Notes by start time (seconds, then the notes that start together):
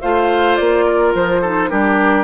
0.00 A3 F4 C5 F5
0.55 A#3 D5
0.86 A#4
1.14 F3 C5
1.41 D#4 A4
1.69 G3 D4 G4 A#4